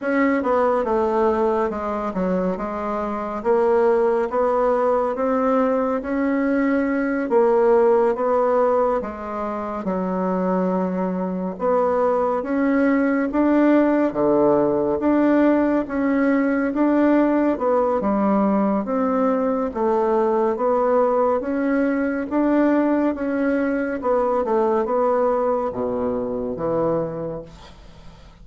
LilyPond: \new Staff \with { instrumentName = "bassoon" } { \time 4/4 \tempo 4 = 70 cis'8 b8 a4 gis8 fis8 gis4 | ais4 b4 c'4 cis'4~ | cis'8 ais4 b4 gis4 fis8~ | fis4. b4 cis'4 d'8~ |
d'8 d4 d'4 cis'4 d'8~ | d'8 b8 g4 c'4 a4 | b4 cis'4 d'4 cis'4 | b8 a8 b4 b,4 e4 | }